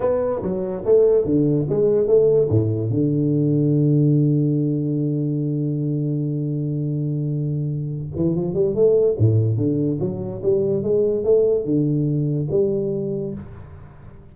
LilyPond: \new Staff \with { instrumentName = "tuba" } { \time 4/4 \tempo 4 = 144 b4 fis4 a4 d4 | gis4 a4 a,4 d4~ | d1~ | d1~ |
d2.~ d8 e8 | f8 g8 a4 a,4 d4 | fis4 g4 gis4 a4 | d2 g2 | }